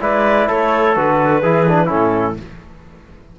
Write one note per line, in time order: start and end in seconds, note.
0.00 0.49 G#3
0.00 0.94 E4
0.00 0.48 B4
0.00 0.48 D5
0.48 0.96 A3
0.48 1.42 A4
0.48 0.95 C#5
0.95 1.43 D3
0.95 1.42 F#4
0.95 1.89 B4
1.42 1.90 E3
1.42 1.67 E4
1.42 1.86 G#4
1.68 1.87 D4
1.86 2.39 A2
1.86 2.34 C#4
1.86 2.33 E4
1.86 2.37 A4